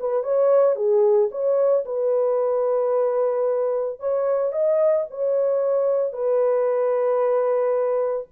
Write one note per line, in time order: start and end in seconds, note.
0.00 0.23 B4
0.23 0.75 C#5
0.75 1.29 G#4
1.31 1.85 C#5
1.85 4.00 B4
4.00 4.53 C#5
4.53 5.06 D#5
5.10 6.13 C#5
6.13 8.27 B4